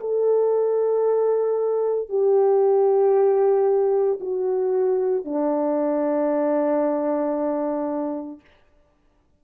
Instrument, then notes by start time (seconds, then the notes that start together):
horn
0.00 A4
2.09 G4
4.20 F#4
5.24 D4